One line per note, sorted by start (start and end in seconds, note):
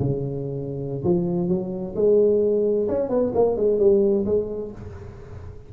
0.00 1.04 C#3
1.04 1.49 F3
1.49 1.95 F#3
1.96 2.88 G#3
2.89 3.10 C#4
3.10 3.33 B3
3.35 3.57 A#3
3.57 3.80 G#3
3.80 4.26 G3
4.26 4.72 G#3